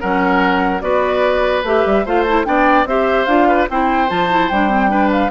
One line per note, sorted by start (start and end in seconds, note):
0.00 0.82 F#3
0.00 0.81 C#4
0.00 0.82 A#4
0.00 0.81 F#5
0.81 1.64 B3
0.81 1.63 F#4
0.81 2.06 B4
0.81 1.63 D5
1.64 1.84 A3
1.64 2.06 G4
1.64 2.07 E5
1.85 2.06 G3
2.06 2.46 A3
2.06 2.27 F4
2.06 2.46 C5
2.06 2.23 F5
2.23 2.45 E4
2.23 2.43 A5
2.45 2.85 B3
2.45 2.86 D4
2.45 2.88 D5
2.45 2.86 G5
2.85 3.26 C4
2.85 3.28 G4
2.85 3.48 C5
2.85 3.26 E5
3.26 3.67 D4
3.26 3.69 F4
3.26 3.66 F5
3.48 3.68 B4
3.70 4.10 C4
3.70 4.09 E4
3.70 4.91 C5
3.70 4.10 G5
4.09 4.51 F3
4.09 4.29 F4
4.09 4.49 A5
4.30 4.51 E4
4.49 5.31 G3
4.49 4.69 D4
4.49 5.10 G5
4.69 4.89 C4
4.89 5.30 D4
4.89 5.31 B4
5.12 5.31 F5